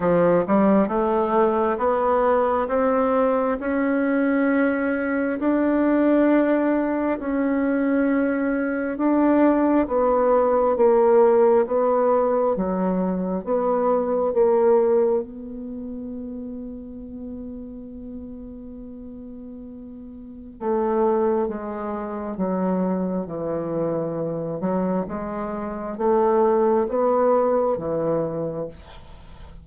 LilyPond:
\new Staff \with { instrumentName = "bassoon" } { \time 4/4 \tempo 4 = 67 f8 g8 a4 b4 c'4 | cis'2 d'2 | cis'2 d'4 b4 | ais4 b4 fis4 b4 |
ais4 b2.~ | b2. a4 | gis4 fis4 e4. fis8 | gis4 a4 b4 e4 | }